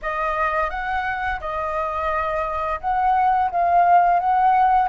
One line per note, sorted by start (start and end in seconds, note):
0.02 0.70 D#5
0.70 1.40 F#5
1.40 2.79 D#5
2.80 3.50 F#5
3.50 4.19 F5
4.19 4.88 F#5